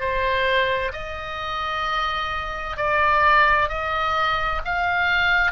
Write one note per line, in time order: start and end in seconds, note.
0.00 0.92 C5
0.93 2.77 D#5
2.77 3.69 D5
3.69 4.61 D#5
4.65 5.52 F5